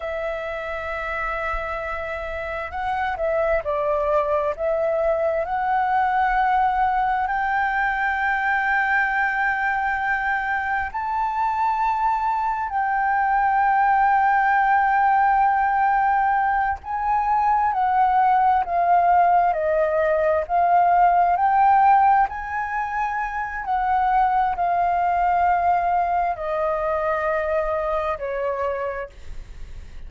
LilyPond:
\new Staff \with { instrumentName = "flute" } { \time 4/4 \tempo 4 = 66 e''2. fis''8 e''8 | d''4 e''4 fis''2 | g''1 | a''2 g''2~ |
g''2~ g''8 gis''4 fis''8~ | fis''8 f''4 dis''4 f''4 g''8~ | g''8 gis''4. fis''4 f''4~ | f''4 dis''2 cis''4 | }